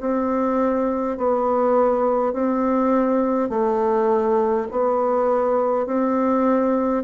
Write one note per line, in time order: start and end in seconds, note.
0.00 1.17 C4
1.17 2.33 B3
2.33 3.49 C4
3.49 4.67 A3
4.71 5.86 B3
5.86 7.04 C4